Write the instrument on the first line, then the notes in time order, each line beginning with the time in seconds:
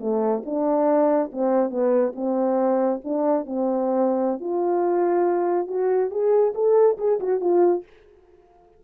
horn
0.00 A3
0.45 D4
1.32 C4
1.70 B3
2.15 C4
3.04 D4
3.46 C4
4.40 F4
5.67 F#4
6.10 G#4
6.55 A4
6.98 G#4
7.20 F#4
7.40 F4